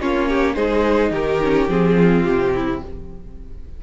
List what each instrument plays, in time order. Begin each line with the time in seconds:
0.00 cello A#3, viola C#4, violin F4 C#5
0.29 violin G4
0.54 cello G#3, viola D#4, violin G#4 C5
1.11 cello D#3, violin G4 A#4
1.43 viola C#4
1.68 cello F3, viola C4, violin G#4
1.98 violin F4
2.24 cello C3, violin G4
2.55 violin E4